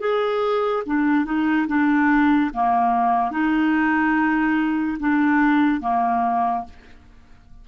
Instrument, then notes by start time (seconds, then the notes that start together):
clarinet
0.00 G#4
0.86 D4
1.25 D#4
1.67 D4
2.54 A#3
3.31 D#4
5.00 D4
5.81 A#3